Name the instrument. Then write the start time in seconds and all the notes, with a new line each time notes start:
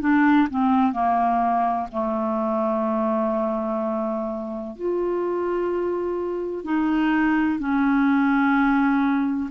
clarinet
0.00 D4
0.50 C4
0.92 A#3
1.91 A3
4.76 F4
6.64 D#4
7.59 C#4